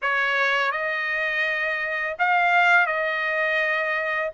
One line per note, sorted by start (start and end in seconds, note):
0.02 0.71 C#5
0.71 2.16 D#5
2.19 2.86 F5
2.86 4.30 D#5